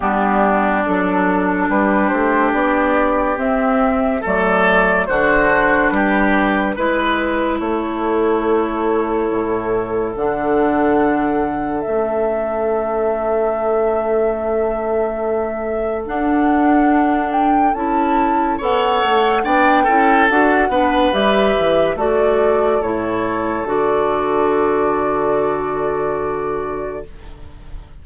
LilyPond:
<<
  \new Staff \with { instrumentName = "flute" } { \time 4/4 \tempo 4 = 71 g'4 a'4 b'8 c''8 d''4 | e''4 d''4 c''4 b'4~ | b'4 cis''2. | fis''2 e''2~ |
e''2. fis''4~ | fis''8 g''8 a''4 fis''4 g''4 | fis''4 e''4 d''4 cis''4 | d''1 | }
  \new Staff \with { instrumentName = "oboe" } { \time 4/4 d'2 g'2~ | g'4 a'4 fis'4 g'4 | b'4 a'2.~ | a'1~ |
a'1~ | a'2 cis''4 d''8 a'8~ | a'8 b'4. a'2~ | a'1 | }
  \new Staff \with { instrumentName = "clarinet" } { \time 4/4 b4 d'2. | c'4 a4 d'2 | e'1 | d'2 cis'2~ |
cis'2. d'4~ | d'4 e'4 a'4 d'8 e'8 | fis'8 d'8 g'4 fis'4 e'4 | fis'1 | }
  \new Staff \with { instrumentName = "bassoon" } { \time 4/4 g4 fis4 g8 a8 b4 | c'4 fis4 d4 g4 | gis4 a2 a,4 | d2 a2~ |
a2. d'4~ | d'4 cis'4 b8 a8 b8 cis'8 | d'8 b8 g8 e8 a4 a,4 | d1 | }
>>